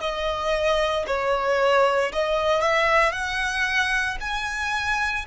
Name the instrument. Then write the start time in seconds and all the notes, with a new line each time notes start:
violin
0.00 D#5
1.07 C#5
2.12 D#5
2.61 E5
3.11 F#5
4.20 G#5